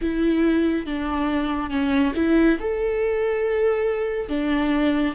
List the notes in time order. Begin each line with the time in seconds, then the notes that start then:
0.01 E4
0.86 D4
1.69 C#4
2.15 E4
2.59 A4
4.29 D4